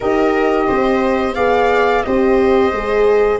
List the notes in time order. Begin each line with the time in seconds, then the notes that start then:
0.00 D#4 G4 A#4 D#5
0.67 C4 C5
1.35 B3 G#4 D5 F5
2.02 C4 G4 C5 D#5
2.72 G#3 G#4